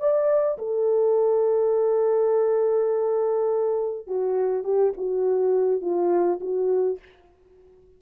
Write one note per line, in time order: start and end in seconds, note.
0.00 0.58 D5
0.59 4.07 A4
4.07 4.64 F#4
4.64 4.93 G4
4.97 5.82 F#4
5.82 6.40 F4
6.41 6.99 F#4